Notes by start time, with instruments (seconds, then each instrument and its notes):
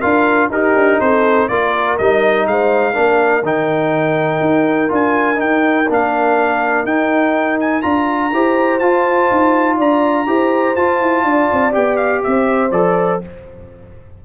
0.00 tuba D4, trombone F4, horn A#4, trumpet F5
0.49 tuba D#4, trombone D#4, horn G4, trumpet A#4
0.75 tuba D4
0.99 tuba C4, horn A4, trumpet C5
1.48 tuba A#3, trombone F4, horn A#4, trumpet D5
1.97 tuba G3, trombone D#4, trumpet D#5
2.47 tuba G#3, horn C5, trumpet F5
2.93 tuba A#3, trombone D4, horn A#4
3.42 tuba D#3, trombone D#4, trumpet G5
4.40 tuba D#4
4.88 tuba D4, trombone F4, trumpet G#5
5.35 trombone D#4, tuba D#4, trumpet G5
5.89 tuba A#3, trombone D4, trumpet F5
6.84 tuba D#4, trombone D#4, trumpet G5
7.60 trumpet G#5
7.81 tuba D4, trombone F4, trumpet A#5
8.32 tuba E4, trombone G4, horn C5
8.79 tuba F4, trombone F4, trumpet A5
9.31 tuba D#4
9.77 tuba D4, horn D5, trumpet A#5
10.26 tuba E4, trombone G4, horn C5
10.75 trombone F4, tuba F4, trumpet A5
11.00 tuba E4
11.23 tuba D4, horn D5
11.52 tuba C4
11.71 tuba B3, trombone G4, trumpet G5
11.96 trumpet F5
12.23 tuba C4, horn C5, trumpet E5
12.71 tuba F3, trombone A4, trumpet D5